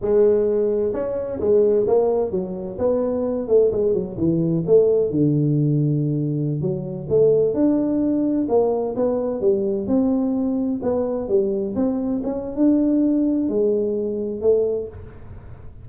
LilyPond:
\new Staff \with { instrumentName = "tuba" } { \time 4/4 \tempo 4 = 129 gis2 cis'4 gis4 | ais4 fis4 b4. a8 | gis8 fis8 e4 a4 d4~ | d2~ d16 fis4 a8.~ |
a16 d'2 ais4 b8.~ | b16 g4 c'2 b8.~ | b16 g4 c'4 cis'8. d'4~ | d'4 gis2 a4 | }